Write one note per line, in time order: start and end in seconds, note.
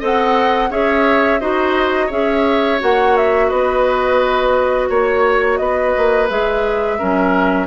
0.00 0.71 C4
0.00 0.70 A4
0.00 0.70 D#5
0.00 0.72 F#5
0.71 1.41 C#4
0.71 1.40 G#4
0.71 1.41 C#5
0.71 1.41 E5
1.41 2.11 D#4
1.41 2.10 F#4
1.41 2.07 C5
1.41 2.11 D#5
2.07 2.81 C#4
2.07 2.79 G#4
2.07 3.46 C#5
2.07 2.81 E5
2.79 3.52 A#3
2.79 6.28 F#4
2.79 3.17 F#5
3.17 3.50 E5
3.49 4.90 B3
3.49 4.89 B4
3.49 4.89 D#5
4.90 5.60 A#3
4.90 5.59 C#5
4.90 5.58 C#5
5.58 5.95 B3
5.58 6.99 B4
5.58 6.27 D#5
5.97 6.31 A#3
6.29 7.00 G#3
6.29 6.99 G#4
6.29 7.68 E5
6.99 7.68 F#3
6.99 7.68 C#4
6.99 7.68 A#4